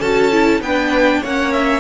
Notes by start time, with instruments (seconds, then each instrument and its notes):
0.00 cello C#4, viola F#4, violin A4 A5
0.32 viola E4
0.60 cello B3, viola D4, violin B4 G5
1.21 cello A#3, viola C#4, violin C#5 F#5
1.52 violin E5